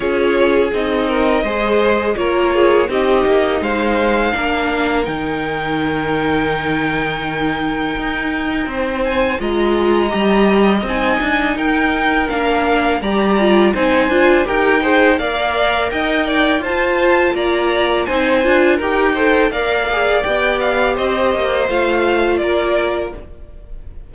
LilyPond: <<
  \new Staff \with { instrumentName = "violin" } { \time 4/4 \tempo 4 = 83 cis''4 dis''2 cis''4 | dis''4 f''2 g''4~ | g''1~ | g''8 gis''8 ais''2 gis''4 |
g''4 f''4 ais''4 gis''4 | g''4 f''4 g''4 a''4 | ais''4 gis''4 g''4 f''4 | g''8 f''8 dis''4 f''4 d''4 | }
  \new Staff \with { instrumentName = "violin" } { \time 4/4 gis'4. ais'8 c''4 ais'8 gis'8 | g'4 c''4 ais'2~ | ais'1 | c''4 dis''2. |
ais'2 d''4 c''4 | ais'8 c''8 d''4 dis''8 d''8 c''4 | d''4 c''4 ais'8 c''8 d''4~ | d''4 c''2 ais'4 | }
  \new Staff \with { instrumentName = "viola" } { \time 4/4 f'4 dis'4 gis'4 f'4 | dis'2 d'4 dis'4~ | dis'1~ | dis'4 f'4 g'4 dis'4~ |
dis'4 d'4 g'8 f'8 dis'8 f'8 | g'8 gis'8 ais'2 f'4~ | f'4 dis'8 f'8 g'8 a'8 ais'8 gis'8 | g'2 f'2 | }
  \new Staff \with { instrumentName = "cello" } { \time 4/4 cis'4 c'4 gis4 ais4 | c'8 ais8 gis4 ais4 dis4~ | dis2. dis'4 | c'4 gis4 g4 c'8 d'8 |
dis'4 ais4 g4 c'8 d'8 | dis'4 ais4 dis'4 f'4 | ais4 c'8 d'8 dis'4 ais4 | b4 c'8 ais8 a4 ais4 | }
>>